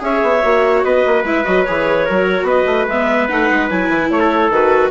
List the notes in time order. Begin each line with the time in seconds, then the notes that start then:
0.00 C#4 G#4 C#5 E5
0.23 B3
0.43 A#3 F#4
0.83 B3 B4 D#5
1.06 A#3
1.24 G#3 E4 E5
1.45 F#3 F#4 D#5
1.64 E3 G#4 C#5
2.06 F#3 F#4 A#4
2.43 B3 B4 D#5
2.67 A3
2.88 G#3 B3 E5
3.29 A3 D#4 F#5
3.50 G#3
3.70 F#3 E4 G#5
3.90 E3
4.11 A3 C#5
4.20 A4
4.51 D#3 F#4 B4